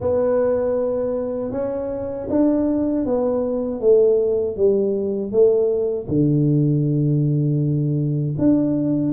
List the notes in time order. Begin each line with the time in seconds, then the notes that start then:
0.00 B3
1.51 C#4
2.29 D4
3.05 B3
3.80 A3
4.56 G3
5.31 A3
6.08 D3
8.38 D4